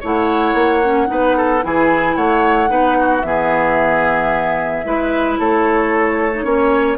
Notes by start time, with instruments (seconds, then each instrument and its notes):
0.00 bassoon A3, clarinet E4, oboe C#5, flute F#5
0.54 bassoon A#3
0.84 clarinet C#4
1.07 bassoon B3, clarinet D#4, oboe B4
1.37 oboe A4
1.62 bassoon E3, clarinet E4, oboe G#4, flute G#5
2.16 bassoon A3, oboe C#5, flute F#5
2.68 bassoon B3, clarinet D#4, oboe B4
2.99 oboe F#4
3.21 bassoon E3, clarinet B3, oboe G#4, flute E5
4.84 bassoon G#3, clarinet E4, oboe B4
5.39 bassoon A3, oboe A4, flute C#5
6.33 clarinet D#4
6.44 bassoon A#3, clarinet C#4, oboe C#5